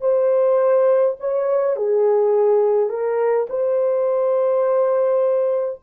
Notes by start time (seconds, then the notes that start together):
0.00 C5
1.19 C#5
1.76 G#4
2.89 A#4
3.49 C5